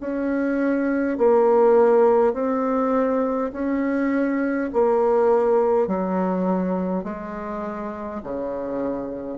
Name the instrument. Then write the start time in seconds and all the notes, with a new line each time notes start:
bassoon
0.00 C#4
1.17 A#3
2.33 C4
3.52 C#4
4.73 A#3
5.87 F#3
7.04 G#3
8.23 C#3